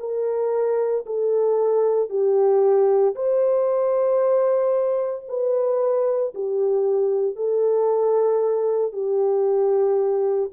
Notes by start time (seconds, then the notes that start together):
0.00 A#4
1.07 A4
2.10 G4
3.16 C5
5.29 B4
6.34 G4
7.36 A4
8.93 G4